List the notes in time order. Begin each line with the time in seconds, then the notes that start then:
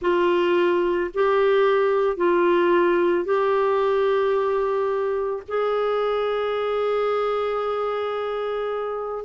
0.01 F4
1.14 G4
2.17 F4
3.24 G4
5.47 G#4